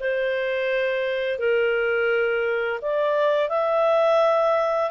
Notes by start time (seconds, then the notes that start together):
0.00 C5
1.39 A#4
2.82 D5
3.49 E5